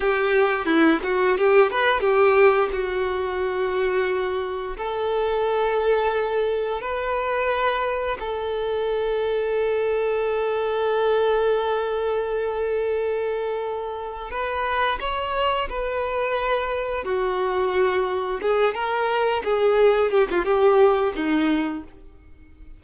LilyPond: \new Staff \with { instrumentName = "violin" } { \time 4/4 \tempo 4 = 88 g'4 e'8 fis'8 g'8 b'8 g'4 | fis'2. a'4~ | a'2 b'2 | a'1~ |
a'1~ | a'4 b'4 cis''4 b'4~ | b'4 fis'2 gis'8 ais'8~ | ais'8 gis'4 g'16 f'16 g'4 dis'4 | }